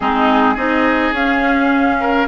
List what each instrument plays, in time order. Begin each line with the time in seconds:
0.00 bassoon G#3, clarinet C4, oboe D#4, flute G#4
0.54 bassoon C4, clarinet D#4, oboe G#4, flute D#5
1.12 bassoon C#4, clarinet C#4, flute F5
2.00 oboe A#4